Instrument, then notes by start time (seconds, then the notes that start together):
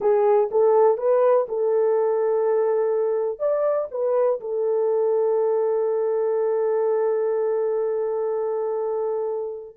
horn
0.00 G#4
0.51 A4
0.97 B4
1.48 A4
3.39 D5
3.91 B4
4.40 A4